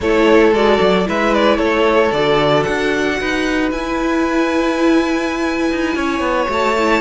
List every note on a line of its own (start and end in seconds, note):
0.00 0.52 A3
0.00 0.54 E4
0.00 1.07 A4
0.00 0.54 C#5
0.52 0.78 G#3
0.52 1.05 F#4
0.52 1.07 D5
0.80 1.06 F#3
1.05 1.58 G#3
1.05 2.11 E4
1.05 1.57 B4
1.05 1.34 E5
1.34 1.59 D5
1.57 2.11 A3
1.57 3.16 A4
1.57 2.11 C#5
2.11 2.65 D3
2.11 3.72 F#4
2.11 2.63 D5
2.63 3.20 D4
2.63 3.69 F#5
3.20 3.71 D#4
3.20 5.97 B4
3.71 5.70 E4
3.71 6.47 E4
3.71 6.50 G#5
5.70 5.95 D#4
5.95 6.20 C#4
5.95 7.00 C#5
6.20 6.46 B3
6.47 7.00 A3
6.47 6.73 F#4
6.47 7.00 A5
6.78 7.00 E4